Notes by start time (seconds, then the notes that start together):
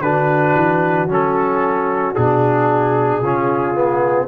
0.00 D3 D4 F#4 B4
0.54 E3
1.08 F#3 C#4 A4
2.15 B2 D4 G#4
3.21 C#3 C#4 F4
3.75 B3